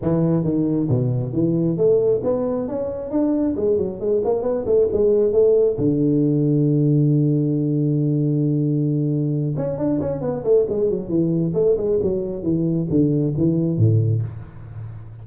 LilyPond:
\new Staff \with { instrumentName = "tuba" } { \time 4/4 \tempo 4 = 135 e4 dis4 b,4 e4 | a4 b4 cis'4 d'4 | gis8 fis8 gis8 ais8 b8 a8 gis4 | a4 d2.~ |
d1~ | d4. cis'8 d'8 cis'8 b8 a8 | gis8 fis8 e4 a8 gis8 fis4 | e4 d4 e4 a,4 | }